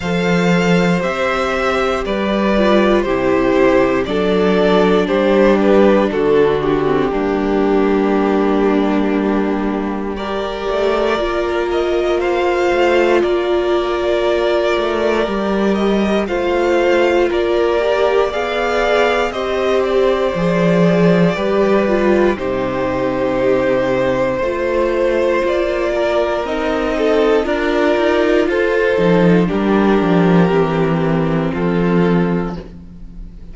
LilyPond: <<
  \new Staff \with { instrumentName = "violin" } { \time 4/4 \tempo 4 = 59 f''4 e''4 d''4 c''4 | d''4 c''8 b'8 a'8 g'4.~ | g'2 d''4. dis''8 | f''4 d''2~ d''8 dis''8 |
f''4 d''4 f''4 dis''8 d''8~ | d''2 c''2~ | c''4 d''4 dis''4 d''4 | c''4 ais'2 a'4 | }
  \new Staff \with { instrumentName = "violin" } { \time 4/4 c''2 b'4 g'4 | a'4 g'4 fis'4 d'4~ | d'2 ais'2 | c''4 ais'2. |
c''4 ais'4 d''4 c''4~ | c''4 b'4 g'2 | c''4. ais'4 a'8 ais'4 | a'4 g'2 f'4 | }
  \new Staff \with { instrumentName = "viola" } { \time 4/4 a'4 g'4. f'8 e'4 | d'2~ d'8. c'16 ais4~ | ais2 g'4 f'4~ | f'2. g'4 |
f'4. g'8 gis'4 g'4 | gis'4 g'8 f'8 dis'2 | f'2 dis'4 f'4~ | f'8 dis'8 d'4 c'2 | }
  \new Staff \with { instrumentName = "cello" } { \time 4/4 f4 c'4 g4 c4 | fis4 g4 d4 g4~ | g2~ g8 a8 ais4~ | ais8 a8 ais4. a8 g4 |
a4 ais4 b4 c'4 | f4 g4 c2 | a4 ais4 c'4 d'8 dis'8 | f'8 f8 g8 f8 e4 f4 | }
>>